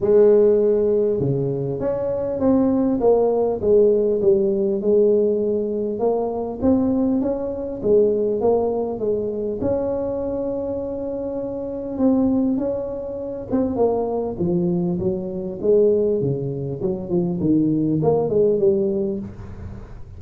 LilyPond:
\new Staff \with { instrumentName = "tuba" } { \time 4/4 \tempo 4 = 100 gis2 cis4 cis'4 | c'4 ais4 gis4 g4 | gis2 ais4 c'4 | cis'4 gis4 ais4 gis4 |
cis'1 | c'4 cis'4. c'8 ais4 | f4 fis4 gis4 cis4 | fis8 f8 dis4 ais8 gis8 g4 | }